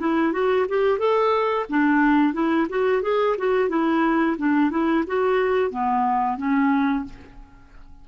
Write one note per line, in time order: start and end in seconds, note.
0.00 0.33 E4
0.33 0.66 F#4
0.69 0.99 G4
0.99 1.66 A4
1.70 2.34 D4
2.34 2.67 E4
2.69 3.02 F#4
3.02 3.36 G#4
3.38 3.69 F#4
3.69 4.37 E4
4.38 4.71 D4
4.71 5.04 E4
5.07 5.71 F#4
5.71 6.38 B3
6.38 7.05 C#4